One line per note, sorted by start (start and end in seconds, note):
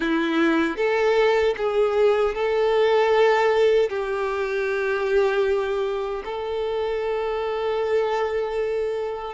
0.00 0.76 E4
0.76 1.54 A4
1.57 2.34 G#4
2.34 3.89 A4
3.89 6.23 G4
6.24 9.34 A4